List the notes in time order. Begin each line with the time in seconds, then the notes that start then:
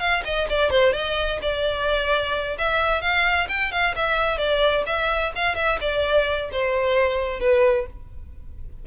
0.00 F5
0.25 D#5
0.49 D5
0.70 C5
0.93 D#5
1.42 D5
2.58 E5
3.01 F5
3.49 G5
3.72 F5
3.96 E5
4.38 D5
4.86 E5
5.35 F5
5.56 E5
5.80 D5
6.52 C5
7.40 B4